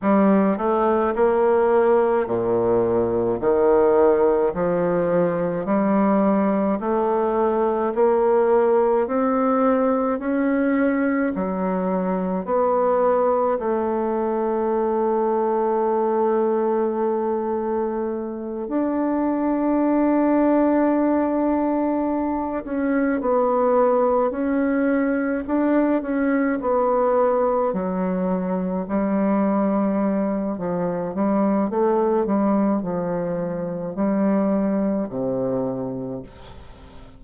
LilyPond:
\new Staff \with { instrumentName = "bassoon" } { \time 4/4 \tempo 4 = 53 g8 a8 ais4 ais,4 dis4 | f4 g4 a4 ais4 | c'4 cis'4 fis4 b4 | a1~ |
a8 d'2.~ d'8 | cis'8 b4 cis'4 d'8 cis'8 b8~ | b8 fis4 g4. f8 g8 | a8 g8 f4 g4 c4 | }